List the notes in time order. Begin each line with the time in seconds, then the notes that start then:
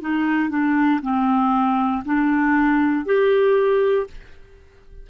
0.00 D#4
0.49 D4
1.01 C4
2.05 D4
3.05 G4